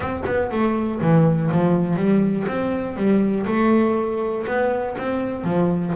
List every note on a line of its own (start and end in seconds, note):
0.00 0.22 C4
0.26 0.50 B3
0.51 1.01 A3
1.01 1.50 E3
1.51 1.96 F3
1.96 2.46 G3
2.47 2.96 C4
2.96 3.46 G3
3.46 4.45 A3
4.46 4.96 B3
4.98 5.44 C4
5.44 5.93 F3